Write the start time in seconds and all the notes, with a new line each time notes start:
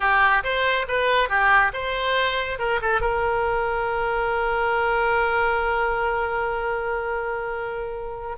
0.00 G4
0.43 C5
0.87 B4
1.29 G4
1.73 C5
2.59 A#4
2.81 A4
3.00 A#4